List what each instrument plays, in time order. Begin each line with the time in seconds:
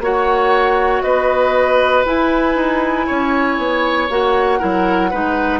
0.00 bassoon A#3, clarinet F#4, oboe C#5, flute F#5
1.02 bassoon B3, oboe B4, flute D#5
2.06 clarinet E4, bassoon E4, flute G#5
2.56 bassoon D#4
3.07 bassoon C#4, oboe C#5
3.58 bassoon B3
4.10 bassoon A#3, clarinet F#4, flute F#5
4.59 bassoon F#3, clarinet E4, oboe A#4
5.11 bassoon G#3, clarinet D#4, oboe B4